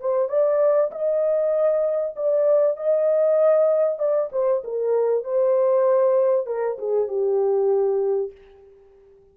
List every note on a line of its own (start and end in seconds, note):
0.00 0.29 C5
0.29 0.91 D5
0.91 2.15 D#5
2.16 2.77 D5
2.77 3.99 D#5
3.99 4.30 D5
4.32 4.63 C5
4.64 5.24 A#4
5.24 6.46 C5
6.46 6.77 A#4
6.78 7.08 G#4
7.08 8.32 G4